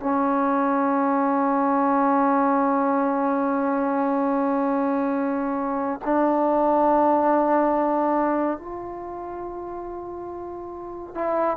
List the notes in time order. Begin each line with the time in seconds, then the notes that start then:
0.00 C#4
6.05 D4
8.58 F4
11.15 E4